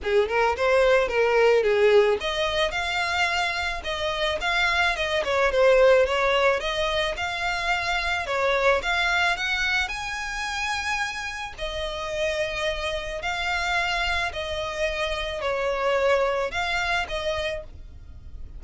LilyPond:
\new Staff \with { instrumentName = "violin" } { \time 4/4 \tempo 4 = 109 gis'8 ais'8 c''4 ais'4 gis'4 | dis''4 f''2 dis''4 | f''4 dis''8 cis''8 c''4 cis''4 | dis''4 f''2 cis''4 |
f''4 fis''4 gis''2~ | gis''4 dis''2. | f''2 dis''2 | cis''2 f''4 dis''4 | }